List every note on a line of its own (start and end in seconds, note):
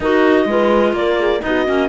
0.00 0.45 D#4
0.00 0.47 F#4
0.00 0.49 A#4
0.00 0.95 D#5
0.45 0.92 G#3
0.45 1.41 F4
0.45 0.97 B4
0.92 1.40 A#3
0.92 1.19 A#4
0.92 1.41 D5
1.19 1.43 G#4
1.41 1.68 B3
1.41 1.64 D#4
1.41 1.88 D#5
1.47 1.88 F#4
1.66 1.88 A#3
1.66 1.88 C#4